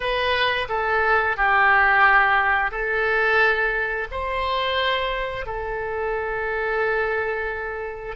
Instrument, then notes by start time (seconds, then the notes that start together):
oboe
0.00 B4
0.68 A4
1.36 G4
2.71 A4
4.11 C5
5.46 A4